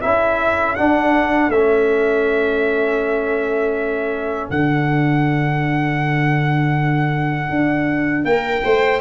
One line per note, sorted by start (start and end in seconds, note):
0.00 0.79 C#4
0.00 0.77 E4
0.00 8.25 A4
0.00 0.75 E5
0.75 1.52 D4
0.75 1.48 D4
0.75 1.50 F#5
1.48 4.48 A3
1.48 4.52 C#4
1.48 4.50 E5
4.50 7.50 D3
4.50 9.01 D4
4.50 8.25 F#5
7.50 8.24 D4
8.24 8.62 A#3
8.24 8.64 A#4
8.24 9.00 G5
8.63 9.01 A3
8.63 9.01 C5